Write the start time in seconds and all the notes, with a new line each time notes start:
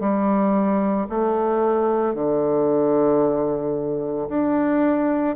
0.00 G3
1.09 A3
2.14 D3
4.29 D4